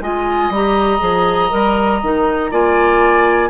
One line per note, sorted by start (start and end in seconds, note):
0.00 0.49 G#3
0.00 0.52 F4
0.00 2.51 D#5
0.00 0.52 G#5
0.49 0.99 G3
0.49 0.99 G4
0.49 2.52 A#5
0.99 1.50 F3
0.99 1.49 G#4
1.50 2.02 G3
1.50 2.00 A#4
2.02 2.51 D#3
2.02 2.51 D#4
2.51 3.49 A#3
2.51 3.49 F4
2.51 3.49 D5
2.51 3.49 G#5